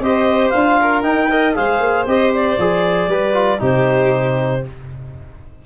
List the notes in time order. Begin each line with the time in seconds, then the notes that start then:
0.00 C4 G4 C5 D#5
0.50 D4 F5
0.57 F4
0.82 A#4
1.03 D#4 G5
1.30 A#4 D#5
1.55 G#3 G#4 C5 F5
1.80 A#3
2.07 C4 G4 D#5
2.34 D5
2.58 F3 G#4
3.08 G3 G4 B4
3.34 F4
3.59 C3 D#4 G4 C5